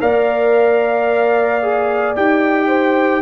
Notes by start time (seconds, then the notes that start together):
0.00 A#3 A#4 D5 F5
1.62 G#4
2.15 D#4 G4 G5
2.67 C5